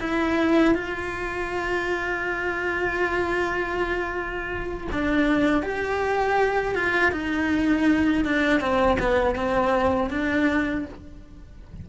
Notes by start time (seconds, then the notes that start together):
0.00 E4
0.75 F4
4.92 D4
5.62 G4
6.75 F4
7.12 D#4
8.25 D4
8.60 C4
9.00 B3
9.36 C4
10.10 D4